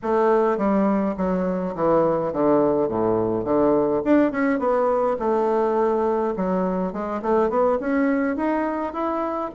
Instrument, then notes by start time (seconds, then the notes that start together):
bassoon
0.02 A3
0.57 G3
1.17 F#3
1.75 E3
2.32 D3
2.88 A2
3.44 D3
4.04 D4
4.31 C#4
4.59 B3
5.19 A3
6.36 F#3
6.92 G#3
7.22 A3
7.49 B3
7.80 C#4
8.36 D#4
8.93 E4